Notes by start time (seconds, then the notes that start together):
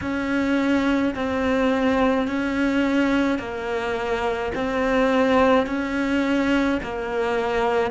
0.01 C#4
1.14 C4
2.26 C#4
3.39 A#3
4.54 C4
5.66 C#4
6.82 A#3